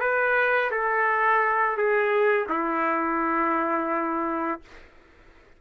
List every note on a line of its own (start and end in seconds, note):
0.00 0.71 B4
0.71 1.77 A4
1.77 2.48 G#4
2.49 4.61 E4